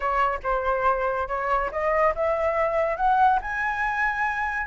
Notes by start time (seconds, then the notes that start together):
0.00 C#5
0.43 C5
1.27 C#5
1.71 D#5
2.15 E5
2.97 F#5
3.41 G#5